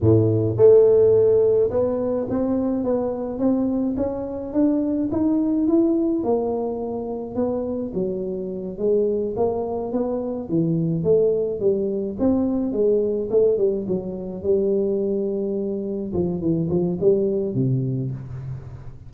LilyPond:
\new Staff \with { instrumentName = "tuba" } { \time 4/4 \tempo 4 = 106 a,4 a2 b4 | c'4 b4 c'4 cis'4 | d'4 dis'4 e'4 ais4~ | ais4 b4 fis4. gis8~ |
gis8 ais4 b4 e4 a8~ | a8 g4 c'4 gis4 a8 | g8 fis4 g2~ g8~ | g8 f8 e8 f8 g4 c4 | }